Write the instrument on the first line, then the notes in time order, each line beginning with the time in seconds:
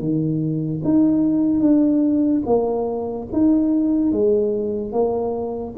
tuba
0.00 D#3
0.85 D#4
1.61 D4
2.46 A#3
3.33 D#4
4.12 G#3
4.93 A#3